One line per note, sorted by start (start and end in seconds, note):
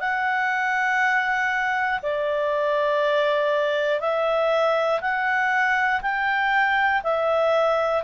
0.00 2.00 F#5
2.02 4.00 D5
4.00 5.00 E5
5.01 6.01 F#5
6.01 7.01 G5
7.03 8.03 E5